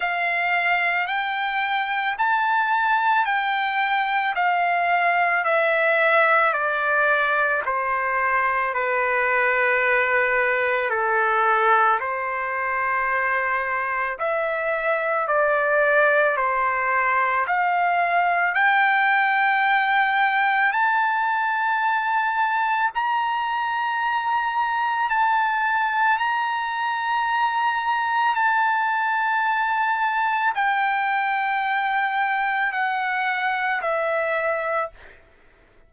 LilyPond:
\new Staff \with { instrumentName = "trumpet" } { \time 4/4 \tempo 4 = 55 f''4 g''4 a''4 g''4 | f''4 e''4 d''4 c''4 | b'2 a'4 c''4~ | c''4 e''4 d''4 c''4 |
f''4 g''2 a''4~ | a''4 ais''2 a''4 | ais''2 a''2 | g''2 fis''4 e''4 | }